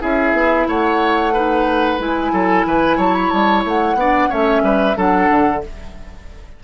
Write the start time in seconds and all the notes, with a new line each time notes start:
0.00 C#4 E4 G#4 E5
0.33 B3
0.68 A3 C#5 F#5
1.33 D#4 B4
1.99 G#3 E4 G#5
2.32 F#3 A4
2.66 E3 B4
2.97 F#3 C#5 A5
3.14 B5
3.30 G3 A5
3.64 A3 F#5
3.94 B3 D4 D5
4.29 A3 C#4 C#5 E5
4.62 G3 B4
4.95 F#3 D4 A4 F#5
5.30 D3